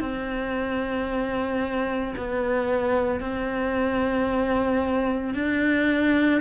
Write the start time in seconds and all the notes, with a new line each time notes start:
0.00 C4
2.17 B3
3.20 C4
5.34 D4